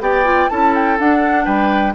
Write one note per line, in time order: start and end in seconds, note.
0.00 0.48 B3
0.00 0.24 G4
0.00 0.50 D5
0.00 0.49 G5
0.24 0.49 F4
0.49 0.99 C#4
0.49 0.98 E4
0.49 1.44 A4
0.49 0.73 A5
0.74 0.98 G5
0.98 1.94 D4
0.98 1.46 D4
0.98 1.45 F#5
1.44 1.94 G3
1.44 1.93 B4
1.44 1.93 G5